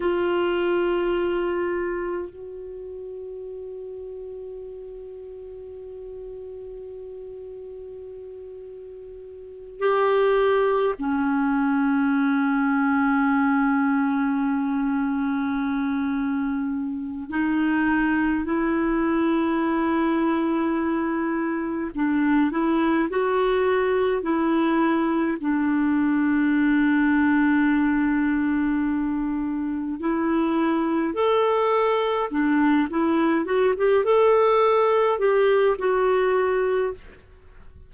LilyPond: \new Staff \with { instrumentName = "clarinet" } { \time 4/4 \tempo 4 = 52 f'2 fis'2~ | fis'1~ | fis'8 g'4 cis'2~ cis'8~ | cis'2. dis'4 |
e'2. d'8 e'8 | fis'4 e'4 d'2~ | d'2 e'4 a'4 | d'8 e'8 fis'16 g'16 a'4 g'8 fis'4 | }